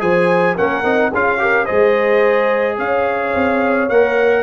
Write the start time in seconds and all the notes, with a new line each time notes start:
0.00 F3 G#4 C5 G#5
0.56 A#3 C#4 A#4 F#5
0.84 C4 D#4
1.12 C#4 F4 G#4 F5
1.39 G4 A#4
1.66 G#3 G#4 C5 D#5
2.79 C#4 C#5 F5
3.35 C4
3.90 A#3 A#4 F#5